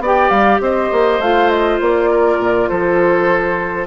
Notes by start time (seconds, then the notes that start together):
0.00 B3 G4 D5
0.07 G5
0.29 G3 F5
0.60 C4 C5 D#5
0.92 A#3
1.19 A3 F4 F5
1.49 D#5
1.81 A#3 D5
2.11 A#4
2.39 A#2
2.68 F3 A4 C5